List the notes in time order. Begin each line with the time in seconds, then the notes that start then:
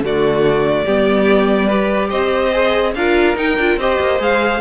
0.00 D3 A3 F#4 D5
0.85 G3 B3 G4
1.67 G4 B4
2.09 C4 C5 D#5
2.52 G#4
2.95 D4 F4 A#4 F5
3.36 D#4 G5
3.58 D4 F4
3.77 C4 G4 C5 D#5
4.00 A#3
4.20 G#3 G#4 F5